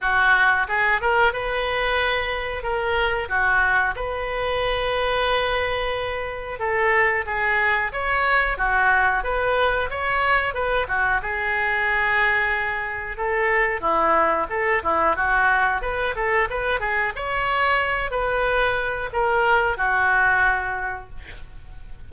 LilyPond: \new Staff \with { instrumentName = "oboe" } { \time 4/4 \tempo 4 = 91 fis'4 gis'8 ais'8 b'2 | ais'4 fis'4 b'2~ | b'2 a'4 gis'4 | cis''4 fis'4 b'4 cis''4 |
b'8 fis'8 gis'2. | a'4 e'4 a'8 e'8 fis'4 | b'8 a'8 b'8 gis'8 cis''4. b'8~ | b'4 ais'4 fis'2 | }